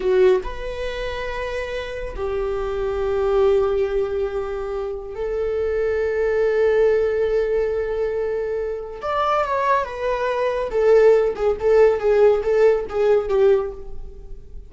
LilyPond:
\new Staff \with { instrumentName = "viola" } { \time 4/4 \tempo 4 = 140 fis'4 b'2.~ | b'4 g'2.~ | g'1 | a'1~ |
a'1~ | a'4 d''4 cis''4 b'4~ | b'4 a'4. gis'8 a'4 | gis'4 a'4 gis'4 g'4 | }